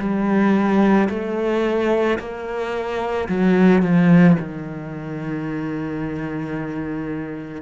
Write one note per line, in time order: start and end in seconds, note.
0.00 1.09 G3
1.10 2.19 A3
2.19 3.28 A#3
3.29 3.82 F#3
3.82 4.37 F3
4.40 7.62 D#3